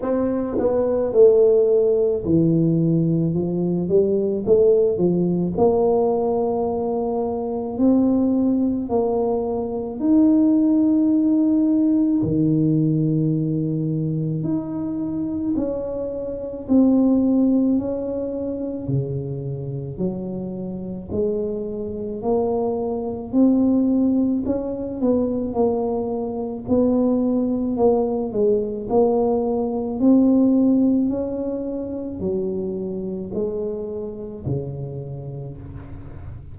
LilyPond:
\new Staff \with { instrumentName = "tuba" } { \time 4/4 \tempo 4 = 54 c'8 b8 a4 e4 f8 g8 | a8 f8 ais2 c'4 | ais4 dis'2 dis4~ | dis4 dis'4 cis'4 c'4 |
cis'4 cis4 fis4 gis4 | ais4 c'4 cis'8 b8 ais4 | b4 ais8 gis8 ais4 c'4 | cis'4 fis4 gis4 cis4 | }